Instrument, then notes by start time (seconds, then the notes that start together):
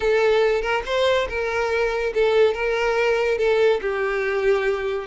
violin
0.00 A4
0.61 A#4
0.85 C5
1.28 A#4
2.14 A4
2.54 A#4
3.38 A4
3.81 G4